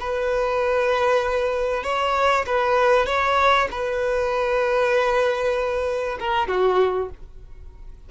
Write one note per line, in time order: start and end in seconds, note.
0.00 1.83 B4
1.83 2.45 C#5
2.46 3.06 B4
3.06 3.68 C#5
3.71 6.18 B4
6.19 6.47 A#4
6.47 7.09 F#4